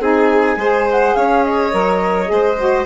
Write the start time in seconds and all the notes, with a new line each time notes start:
0.00 C4 D#4 G#4 G#5
0.56 G#3 G#4 C5
0.91 F#5
1.15 C#4 C#5 F5
1.44 D#5
1.71 F#3 A#4
2.25 G#3 G#4
2.32 C5
2.58 F#4